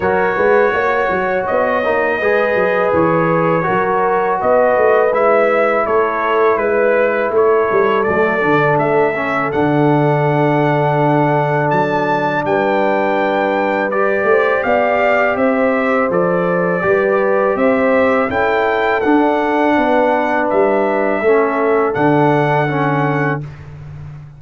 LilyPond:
<<
  \new Staff \with { instrumentName = "trumpet" } { \time 4/4 \tempo 4 = 82 cis''2 dis''2 | cis''2 dis''4 e''4 | cis''4 b'4 cis''4 d''4 | e''4 fis''2. |
a''4 g''2 d''4 | f''4 e''4 d''2 | e''4 g''4 fis''2 | e''2 fis''2 | }
  \new Staff \with { instrumentName = "horn" } { \time 4/4 ais'8 b'8 cis''2 b'4~ | b'4 ais'4 b'2 | a'4 b'4 a'2~ | a'1~ |
a'4 b'2~ b'8 c''8 | d''4 c''2 b'4 | c''4 a'2 b'4~ | b'4 a'2. | }
  \new Staff \with { instrumentName = "trombone" } { \time 4/4 fis'2~ fis'8 dis'8 gis'4~ | gis'4 fis'2 e'4~ | e'2. a8 d'8~ | d'8 cis'8 d'2.~ |
d'2. g'4~ | g'2 a'4 g'4~ | g'4 e'4 d'2~ | d'4 cis'4 d'4 cis'4 | }
  \new Staff \with { instrumentName = "tuba" } { \time 4/4 fis8 gis8 ais8 fis8 b8 ais8 gis8 fis8 | e4 fis4 b8 a8 gis4 | a4 gis4 a8 g8 fis8 d8 | a4 d2. |
fis4 g2~ g8 a8 | b4 c'4 f4 g4 | c'4 cis'4 d'4 b4 | g4 a4 d2 | }
>>